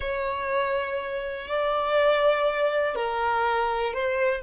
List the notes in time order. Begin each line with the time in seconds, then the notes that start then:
0.00 C#5
1.47 D5
2.95 A#4
3.93 C5